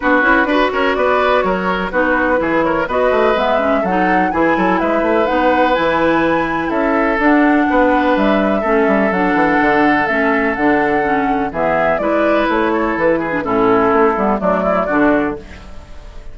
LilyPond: <<
  \new Staff \with { instrumentName = "flute" } { \time 4/4 \tempo 4 = 125 b'4. cis''8 d''4 cis''4 | b'4. cis''8 dis''4 e''4 | fis''4 gis''4 e''4 fis''4 | gis''2 e''4 fis''4~ |
fis''4 e''2 fis''4~ | fis''4 e''4 fis''2 | e''4 d''4 cis''4 b'4 | a'2 d''2 | }
  \new Staff \with { instrumentName = "oboe" } { \time 4/4 fis'4 b'8 ais'8 b'4 ais'4 | fis'4 gis'8 ais'8 b'2 | a'4 gis'8 a'8 b'2~ | b'2 a'2 |
b'2 a'2~ | a'1 | gis'4 b'4. a'4 gis'8 | e'2 d'8 e'8 fis'4 | }
  \new Staff \with { instrumentName = "clarinet" } { \time 4/4 d'8 e'8 fis'2. | dis'4 e'4 fis'4 b8 cis'8 | dis'4 e'2 dis'4 | e'2. d'4~ |
d'2 cis'4 d'4~ | d'4 cis'4 d'4 cis'4 | b4 e'2~ e'8. d'16 | cis'4. b8 a4 d'4 | }
  \new Staff \with { instrumentName = "bassoon" } { \time 4/4 b8 cis'8 d'8 cis'8 b4 fis4 | b4 e4 b8 a8 gis4 | fis4 e8 fis8 gis8 a8 b4 | e2 cis'4 d'4 |
b4 g4 a8 g8 fis8 e8 | d4 a4 d2 | e4 gis4 a4 e4 | a,4 a8 g8 fis4 d4 | }
>>